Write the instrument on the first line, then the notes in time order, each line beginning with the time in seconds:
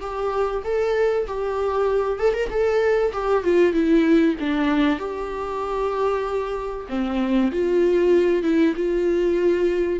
viola
0.00 G4
0.64 A4
1.27 G4
2.19 A4
2.33 A#4
2.50 A4
3.12 G4
3.43 F4
3.73 E4
4.39 D4
4.99 G4
6.89 C4
7.52 F4
8.43 E4
8.76 F4